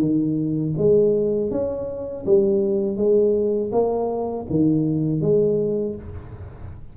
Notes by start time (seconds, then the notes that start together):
0.00 D#3
0.78 G#3
1.51 C#4
2.26 G3
2.97 G#3
3.72 A#3
4.50 D#3
5.21 G#3